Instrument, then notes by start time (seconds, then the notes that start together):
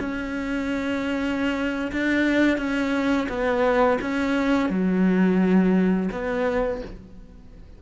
cello
0.00 C#4
1.92 D4
2.58 C#4
3.29 B3
4.01 C#4
4.70 F#3
6.12 B3